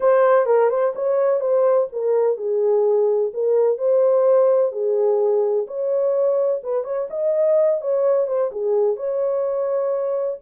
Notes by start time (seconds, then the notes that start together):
0.00 C5
0.46 A#4
0.69 C5
0.95 C#5
1.40 C5
1.92 A#4
2.37 G#4
3.33 A#4
3.78 C5
4.71 G#4
5.67 C#5
6.63 B4
6.84 C#5
7.10 D#5
7.81 C#5
8.27 C5
8.51 G#4
8.96 C#5